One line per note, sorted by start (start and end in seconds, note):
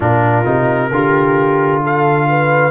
0.00 0.45 A#2
0.00 0.45 D4
0.00 0.90 F4
0.00 1.82 A#4
0.45 0.91 C3
0.45 0.90 D#4
0.91 2.71 D3
0.91 2.71 F4
0.91 1.82 G4
1.82 2.27 A4
1.82 2.71 F5
2.29 2.71 B4